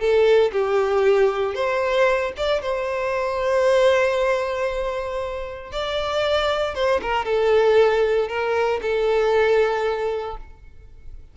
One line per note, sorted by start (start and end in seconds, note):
0.00 0.52 A4
0.53 1.55 G4
1.55 2.33 C5
2.37 2.62 D5
2.62 5.72 C5
5.72 6.75 D5
6.75 7.01 C5
7.02 7.25 A#4
7.25 8.29 A4
8.29 8.80 A#4
8.82 10.37 A4